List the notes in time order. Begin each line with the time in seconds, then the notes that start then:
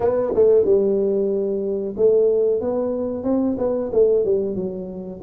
0.00 B3
0.34 A3
0.64 G3
1.96 A3
2.60 B3
3.23 C4
3.58 B3
3.92 A3
4.25 G3
4.55 F#3